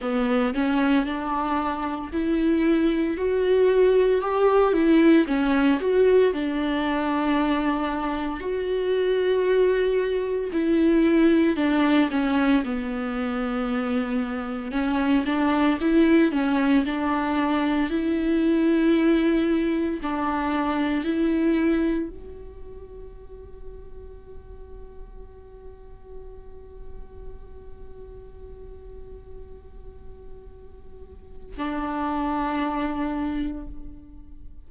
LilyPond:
\new Staff \with { instrumentName = "viola" } { \time 4/4 \tempo 4 = 57 b8 cis'8 d'4 e'4 fis'4 | g'8 e'8 cis'8 fis'8 d'2 | fis'2 e'4 d'8 cis'8 | b2 cis'8 d'8 e'8 cis'8 |
d'4 e'2 d'4 | e'4 fis'2.~ | fis'1~ | fis'2 d'2 | }